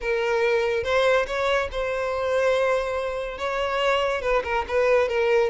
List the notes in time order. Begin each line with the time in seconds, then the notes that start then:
0.01 A#4
0.83 C5
1.26 C#5
1.71 C5
3.38 C#5
4.21 B4
4.44 A#4
4.68 B4
5.08 A#4